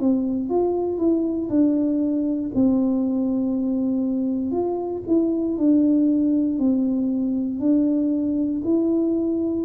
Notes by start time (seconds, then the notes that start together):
0.00 C4
0.50 F4
0.98 E4
1.50 D4
2.55 C4
4.52 F4
5.07 E4
5.58 D4
6.59 C4
7.60 D4
8.65 E4